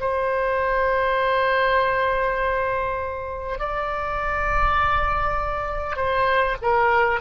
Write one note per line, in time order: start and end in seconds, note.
0.00 3.59 C5
3.59 5.96 D5
5.96 6.56 C5
6.62 7.21 A#4